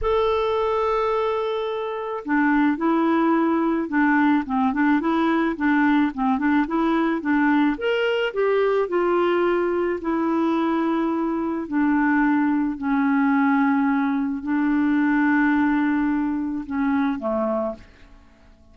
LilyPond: \new Staff \with { instrumentName = "clarinet" } { \time 4/4 \tempo 4 = 108 a'1 | d'4 e'2 d'4 | c'8 d'8 e'4 d'4 c'8 d'8 | e'4 d'4 ais'4 g'4 |
f'2 e'2~ | e'4 d'2 cis'4~ | cis'2 d'2~ | d'2 cis'4 a4 | }